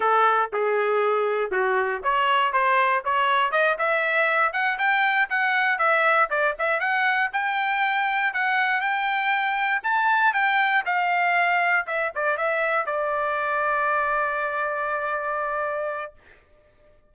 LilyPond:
\new Staff \with { instrumentName = "trumpet" } { \time 4/4 \tempo 4 = 119 a'4 gis'2 fis'4 | cis''4 c''4 cis''4 dis''8 e''8~ | e''4 fis''8 g''4 fis''4 e''8~ | e''8 d''8 e''8 fis''4 g''4.~ |
g''8 fis''4 g''2 a''8~ | a''8 g''4 f''2 e''8 | d''8 e''4 d''2~ d''8~ | d''1 | }